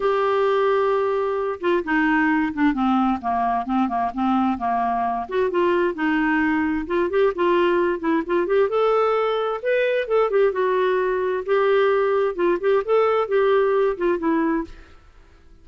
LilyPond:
\new Staff \with { instrumentName = "clarinet" } { \time 4/4 \tempo 4 = 131 g'2.~ g'8 f'8 | dis'4. d'8 c'4 ais4 | c'8 ais8 c'4 ais4. fis'8 | f'4 dis'2 f'8 g'8 |
f'4. e'8 f'8 g'8 a'4~ | a'4 b'4 a'8 g'8 fis'4~ | fis'4 g'2 f'8 g'8 | a'4 g'4. f'8 e'4 | }